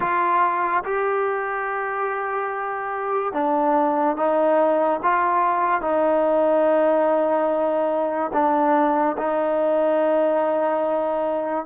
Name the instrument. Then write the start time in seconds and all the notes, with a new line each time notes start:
trombone
0.00 F4
0.84 G4
3.33 D4
4.16 D#4
5.02 F4
5.81 D#4
8.33 D4
9.17 D#4